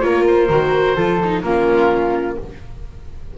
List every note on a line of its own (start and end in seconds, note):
0.00 0.50 A#3
0.00 0.48 F4
0.00 0.96 A#4
0.00 0.23 C#5
0.28 1.43 C5
0.50 0.96 D#3
0.50 0.97 F#4
0.96 1.43 F3
0.96 1.21 F4
0.96 1.43 A4
1.25 1.45 D#4
1.43 2.37 A#3
1.43 2.38 C#4
1.43 2.38 F4
1.43 2.37 A#4